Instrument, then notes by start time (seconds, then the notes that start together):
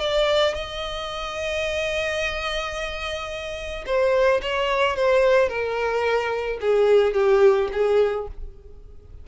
violin
0.00 D5
0.54 D#5
3.86 C5
4.42 C#5
4.96 C5
5.48 A#4
6.61 G#4
7.14 G4
7.72 G#4